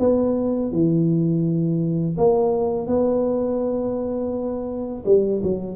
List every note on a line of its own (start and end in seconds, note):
0.00 0.72 B3
0.72 2.17 E3
2.18 2.87 A#3
2.87 5.04 B3
5.06 5.42 G3
5.43 5.77 F#3